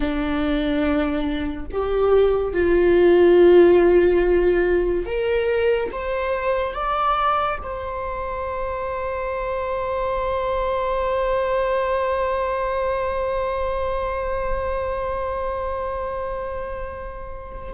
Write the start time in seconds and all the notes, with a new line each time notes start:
0.00 D4
1.71 G4
2.53 F4
5.06 A#4
5.92 C5
6.74 D5
7.62 C5